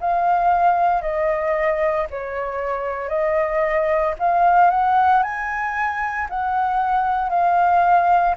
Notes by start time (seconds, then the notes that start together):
0.00 F5
1.01 D#5
2.10 C#5
3.09 D#5
4.19 F5
4.70 F#5
5.22 G#5
6.29 F#5
7.29 F5